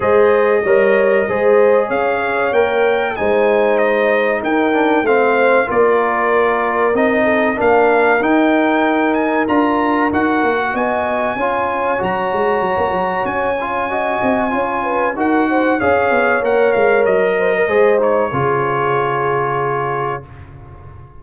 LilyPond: <<
  \new Staff \with { instrumentName = "trumpet" } { \time 4/4 \tempo 4 = 95 dis''2. f''4 | g''4 gis''4 dis''4 g''4 | f''4 d''2 dis''4 | f''4 g''4. gis''8 ais''4 |
fis''4 gis''2 ais''4~ | ais''4 gis''2. | fis''4 f''4 fis''8 f''8 dis''4~ | dis''8 cis''2.~ cis''8 | }
  \new Staff \with { instrumentName = "horn" } { \time 4/4 c''4 cis''4 c''4 cis''4~ | cis''4 c''2 ais'4 | c''4 ais'2~ ais'8 a'8 | ais'1~ |
ais'4 dis''4 cis''2~ | cis''2 dis''4 cis''8 b'8 | ais'8 c''8 cis''2~ cis''8 c''16 ais'16 | c''4 gis'2. | }
  \new Staff \with { instrumentName = "trombone" } { \time 4/4 gis'4 ais'4 gis'2 | ais'4 dis'2~ dis'8 d'8 | c'4 f'2 dis'4 | d'4 dis'2 f'4 |
fis'2 f'4 fis'4~ | fis'4. f'8 fis'4 f'4 | fis'4 gis'4 ais'2 | gis'8 dis'8 f'2. | }
  \new Staff \with { instrumentName = "tuba" } { \time 4/4 gis4 g4 gis4 cis'4 | ais4 gis2 dis'4 | a4 ais2 c'4 | ais4 dis'2 d'4 |
dis'8 ais8 b4 cis'4 fis8 gis8 | fis16 ais16 fis8 cis'4. c'8 cis'4 | dis'4 cis'8 b8 ais8 gis8 fis4 | gis4 cis2. | }
>>